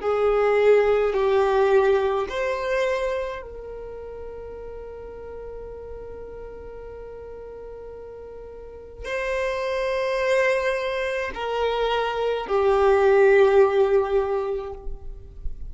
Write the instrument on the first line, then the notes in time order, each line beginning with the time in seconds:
violin
0.00 G#4
1.13 G4
2.28 C5
3.42 A#4
9.04 C5
11.34 A#4
12.46 G4